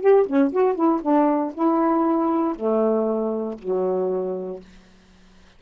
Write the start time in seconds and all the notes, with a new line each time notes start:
0.00 G4
0.26 C#4
0.52 F#4
0.75 E4
1.01 D4
1.53 E4
2.55 A3
3.58 F#3